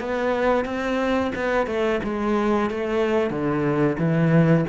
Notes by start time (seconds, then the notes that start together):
0.00 B3
0.65 C4
1.35 B3
1.67 A3
2.03 G#3
2.70 A3
3.30 D3
3.98 E3